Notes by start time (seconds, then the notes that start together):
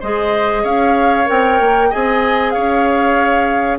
0.00 G#3 G#4 C5 D#5
0.63 C#4 C#5 F5
1.25 C4 A#4 G5
1.60 A#3
1.90 C4 G#4 D#5 G#5
2.51 C#4 C#5 F5